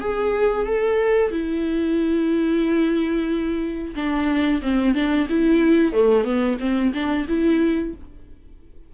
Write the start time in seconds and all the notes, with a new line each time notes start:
0.00 G#4
0.66 A4
1.30 E4
3.95 D4
4.61 C4
4.94 D4
5.29 E4
5.93 A3
6.24 B3
6.59 C4
6.93 D4
7.28 E4